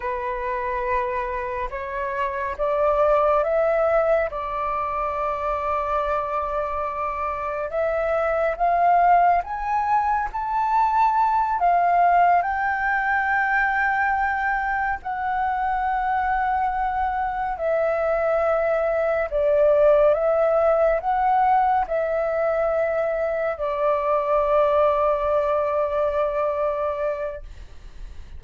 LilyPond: \new Staff \with { instrumentName = "flute" } { \time 4/4 \tempo 4 = 70 b'2 cis''4 d''4 | e''4 d''2.~ | d''4 e''4 f''4 gis''4 | a''4. f''4 g''4.~ |
g''4. fis''2~ fis''8~ | fis''8 e''2 d''4 e''8~ | e''8 fis''4 e''2 d''8~ | d''1 | }